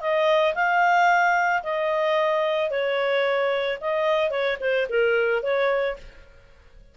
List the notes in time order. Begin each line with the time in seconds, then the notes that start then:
0.00 D#5
0.55 F5
1.63 D#5
2.70 C#5
3.80 D#5
4.30 C#5
4.60 C5
4.89 A#4
5.42 C#5